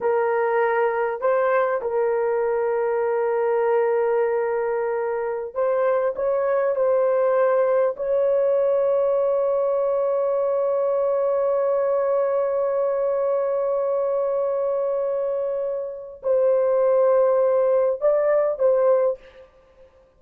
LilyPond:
\new Staff \with { instrumentName = "horn" } { \time 4/4 \tempo 4 = 100 ais'2 c''4 ais'4~ | ais'1~ | ais'4~ ais'16 c''4 cis''4 c''8.~ | c''4~ c''16 cis''2~ cis''8.~ |
cis''1~ | cis''1~ | cis''2. c''4~ | c''2 d''4 c''4 | }